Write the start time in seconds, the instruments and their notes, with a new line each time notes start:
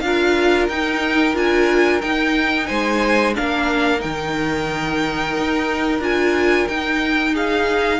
0.00 cello D4, viola F4, violin F5
0.06 violin A#4
0.69 cello D#4, viola D#4, violin G5
1.34 cello D4, viola F4, violin G#5
2.01 cello D#4, viola D#4, violin G5
2.67 cello G#3, violin C5 G#5
3.35 cello A#3, viola D4, violin A#4 F5
3.98 viola D#4, violin G5
4.04 cello D#3
5.37 cello D#4
5.99 cello D4, viola F4, violin G#5
6.68 cello D#4, viola D#4, violin G5
7.32 violin G#4 F5